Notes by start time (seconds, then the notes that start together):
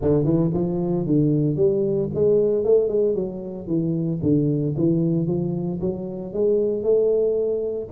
0.01 D3
0.24 E3
0.53 F3
1.06 D3
1.56 G3
2.14 G#3
2.64 A3
2.88 G#3
3.14 F#3
3.67 E3
4.22 D3
4.77 E3
5.27 F3
5.80 F#3
6.33 G#3
6.83 A3